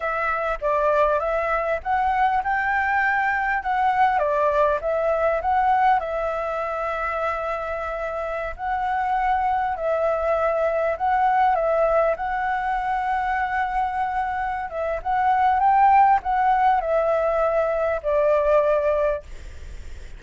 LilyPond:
\new Staff \with { instrumentName = "flute" } { \time 4/4 \tempo 4 = 100 e''4 d''4 e''4 fis''4 | g''2 fis''4 d''4 | e''4 fis''4 e''2~ | e''2~ e''16 fis''4.~ fis''16~ |
fis''16 e''2 fis''4 e''8.~ | e''16 fis''2.~ fis''8.~ | fis''8 e''8 fis''4 g''4 fis''4 | e''2 d''2 | }